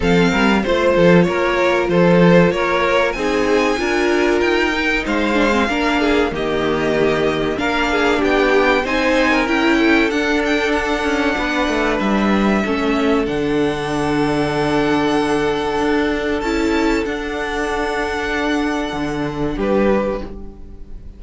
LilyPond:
<<
  \new Staff \with { instrumentName = "violin" } { \time 4/4 \tempo 4 = 95 f''4 c''4 cis''4 c''4 | cis''4 gis''2 g''4 | f''2 dis''2 | f''4 g''4 gis''4 g''4 |
fis''8 g''8 fis''2 e''4~ | e''4 fis''2.~ | fis''2 a''4 fis''4~ | fis''2. b'4 | }
  \new Staff \with { instrumentName = "violin" } { \time 4/4 a'8 ais'8 c''8 a'8 ais'4 a'4 | ais'4 gis'4 ais'2 | c''4 ais'8 gis'8 g'2 | ais'8 gis'8 g'4 c''8. ais'8. a'8~ |
a'2 b'2 | a'1~ | a'1~ | a'2. g'4 | }
  \new Staff \with { instrumentName = "viola" } { \time 4/4 c'4 f'2.~ | f'4 dis'4 f'4. dis'8~ | dis'8 d'16 c'16 d'4 ais2 | d'2 dis'4 e'4 |
d'1 | cis'4 d'2.~ | d'2 e'4 d'4~ | d'1 | }
  \new Staff \with { instrumentName = "cello" } { \time 4/4 f8 g8 a8 f8 ais4 f4 | ais4 c'4 d'4 dis'4 | gis4 ais4 dis2 | ais4 b4 c'4 cis'4 |
d'4. cis'8 b8 a8 g4 | a4 d2.~ | d4 d'4 cis'4 d'4~ | d'2 d4 g4 | }
>>